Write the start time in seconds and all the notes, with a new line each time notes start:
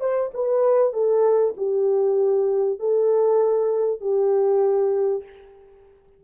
0.00 C5
0.34 B4
0.93 A4
1.57 G4
2.79 A4
4.00 G4